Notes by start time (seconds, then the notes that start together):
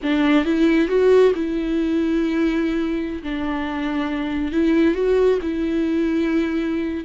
0.02 D4
0.45 E4
0.88 F#4
1.34 E4
3.22 D4
4.52 E4
4.94 F#4
5.42 E4